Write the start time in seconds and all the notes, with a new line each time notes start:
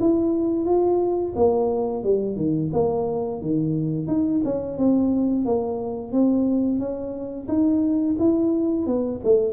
0.00 E4
0.65 F4
1.36 A#3
2.04 G3
2.36 D#3
2.73 A#3
3.41 D#3
4.07 D#4
4.44 C#4
4.78 C4
5.45 A#3
6.12 C4
6.79 C#4
7.48 D#4
8.19 E4
8.86 B3
9.24 A3